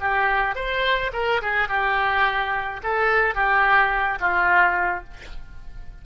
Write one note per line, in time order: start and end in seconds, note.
0.00 0.55 G4
0.55 1.11 C5
1.13 1.41 A#4
1.42 1.68 G#4
1.68 2.81 G4
2.83 3.35 A4
3.35 4.19 G4
4.20 5.04 F4